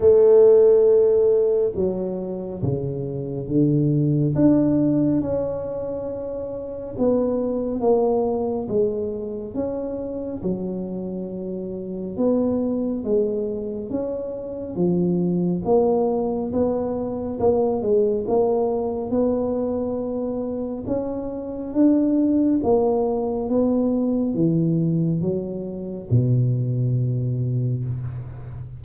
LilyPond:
\new Staff \with { instrumentName = "tuba" } { \time 4/4 \tempo 4 = 69 a2 fis4 cis4 | d4 d'4 cis'2 | b4 ais4 gis4 cis'4 | fis2 b4 gis4 |
cis'4 f4 ais4 b4 | ais8 gis8 ais4 b2 | cis'4 d'4 ais4 b4 | e4 fis4 b,2 | }